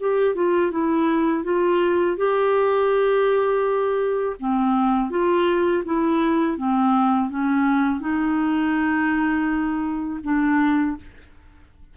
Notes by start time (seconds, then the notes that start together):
0.00 G4
0.36 F4
0.72 E4
1.44 F4
2.17 G4
4.40 C4
5.11 F4
5.85 E4
6.58 C4
7.30 C#4
8.01 D#4
10.24 D4